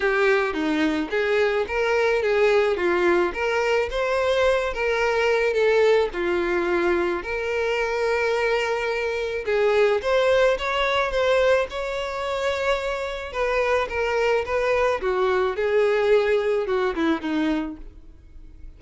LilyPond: \new Staff \with { instrumentName = "violin" } { \time 4/4 \tempo 4 = 108 g'4 dis'4 gis'4 ais'4 | gis'4 f'4 ais'4 c''4~ | c''8 ais'4. a'4 f'4~ | f'4 ais'2.~ |
ais'4 gis'4 c''4 cis''4 | c''4 cis''2. | b'4 ais'4 b'4 fis'4 | gis'2 fis'8 e'8 dis'4 | }